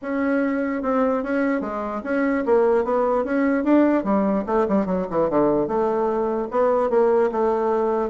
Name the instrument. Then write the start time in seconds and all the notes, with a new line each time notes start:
bassoon
0.02 C#4
0.82 C4
1.23 C#4
1.61 G#3
2.03 C#4
2.45 A#3
2.84 B3
3.24 C#4
3.64 D4
4.03 G3
4.46 A3
4.68 G3
4.86 F#3
5.10 E3
5.29 D3
5.67 A3
6.50 B3
6.89 A#3
7.31 A3